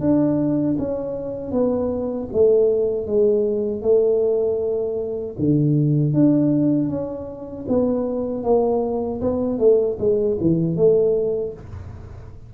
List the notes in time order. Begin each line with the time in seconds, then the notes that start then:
0.00 D4
0.78 C#4
1.51 B3
2.32 A3
3.07 G#3
3.82 A3
5.38 D3
6.13 D4
6.89 C#4
7.68 B3
8.43 A#3
9.21 B3
9.58 A3
9.99 G#3
10.41 E3
10.76 A3